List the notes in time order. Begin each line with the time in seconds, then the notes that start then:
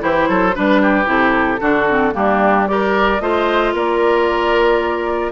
0.00 E3 E4 G4 C5
0.29 F#3 A4
0.55 G3 D4 B4
0.82 G4
1.06 C3 E4 A4
1.61 D3 D4 F#4
1.90 C4
2.13 G3 A#3 D4 G4
2.68 G4 A#4 D5
3.20 A3 F4 C5 D#5
3.73 A#3 A#4 D5